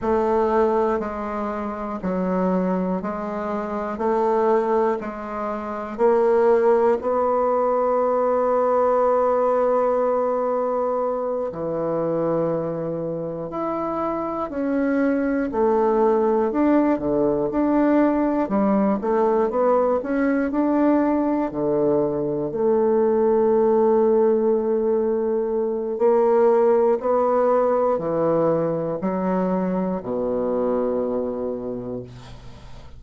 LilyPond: \new Staff \with { instrumentName = "bassoon" } { \time 4/4 \tempo 4 = 60 a4 gis4 fis4 gis4 | a4 gis4 ais4 b4~ | b2.~ b8 e8~ | e4. e'4 cis'4 a8~ |
a8 d'8 d8 d'4 g8 a8 b8 | cis'8 d'4 d4 a4.~ | a2 ais4 b4 | e4 fis4 b,2 | }